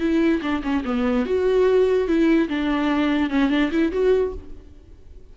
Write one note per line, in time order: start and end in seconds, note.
0.00 0.41 E4
0.42 0.63 D4
0.63 0.84 C#4
0.85 1.26 B3
1.26 2.08 F#4
2.08 2.49 E4
2.49 3.30 D4
3.30 3.50 C#4
3.50 3.71 D4
3.72 3.92 E4
3.92 4.33 F#4